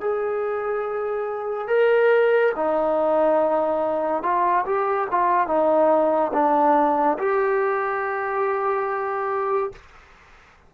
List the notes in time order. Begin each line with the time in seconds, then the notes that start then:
0.00 G#4
1.67 A#4
2.55 D#4
4.22 F4
4.65 G4
5.10 F4
5.47 D#4
6.33 D4
7.18 G4